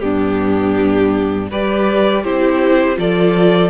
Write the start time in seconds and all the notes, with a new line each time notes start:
0.00 G2 B3 D4 G4
1.51 G3 G4 B4 D5
2.23 C4 E4 G4 C5
2.95 F3 F4 A4 D5